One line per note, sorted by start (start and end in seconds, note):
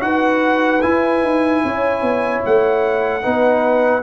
0.00 0.82 D#4
0.00 0.80 F#4
0.00 1.64 B4
0.00 0.81 F#5
0.81 3.22 E4
0.81 1.23 E4
0.81 2.41 G#5
1.23 1.63 D#4
1.65 2.02 C#4
1.65 3.23 C#5
2.02 2.42 B3
2.45 3.26 A3
2.45 4.03 F#5
3.22 4.03 B3
3.22 4.02 D#4
3.22 4.03 B4